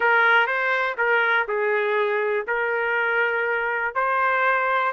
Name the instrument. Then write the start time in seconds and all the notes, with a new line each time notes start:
trumpet
0.00 A#4
0.46 C5
0.97 A#4
1.48 G#4
2.47 A#4
3.94 C5